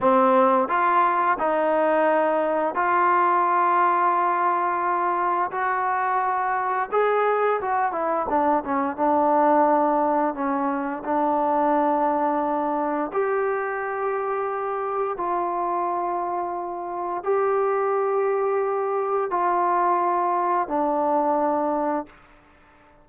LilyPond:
\new Staff \with { instrumentName = "trombone" } { \time 4/4 \tempo 4 = 87 c'4 f'4 dis'2 | f'1 | fis'2 gis'4 fis'8 e'8 | d'8 cis'8 d'2 cis'4 |
d'2. g'4~ | g'2 f'2~ | f'4 g'2. | f'2 d'2 | }